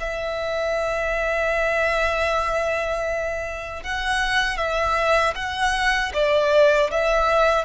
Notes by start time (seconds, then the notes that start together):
0.00 E5
3.83 F#5
4.57 E5
5.35 F#5
6.14 D5
6.91 E5